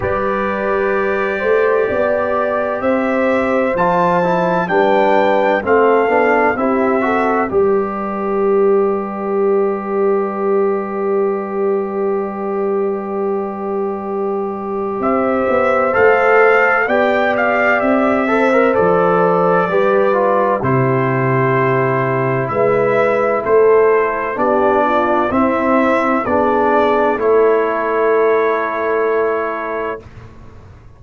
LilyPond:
<<
  \new Staff \with { instrumentName = "trumpet" } { \time 4/4 \tempo 4 = 64 d''2. e''4 | a''4 g''4 f''4 e''4 | d''1~ | d''1 |
e''4 f''4 g''8 f''8 e''4 | d''2 c''2 | e''4 c''4 d''4 e''4 | d''4 cis''2. | }
  \new Staff \with { instrumentName = "horn" } { \time 4/4 b'4. c''8 d''4 c''4~ | c''4 b'4 a'4 g'8 a'8 | b'1~ | b'1 |
c''2 d''4. c''8~ | c''4 b'4 g'2 | b'4 a'4 g'8 f'8 e'4 | gis'4 a'2. | }
  \new Staff \with { instrumentName = "trombone" } { \time 4/4 g'1 | f'8 e'8 d'4 c'8 d'8 e'8 fis'8 | g'1~ | g'1~ |
g'4 a'4 g'4. a'16 ais'16 | a'4 g'8 f'8 e'2~ | e'2 d'4 c'4 | d'4 e'2. | }
  \new Staff \with { instrumentName = "tuba" } { \time 4/4 g4. a8 b4 c'4 | f4 g4 a8 b8 c'4 | g1~ | g1 |
c'8 b8 a4 b4 c'4 | f4 g4 c2 | gis4 a4 b4 c'4 | b4 a2. | }
>>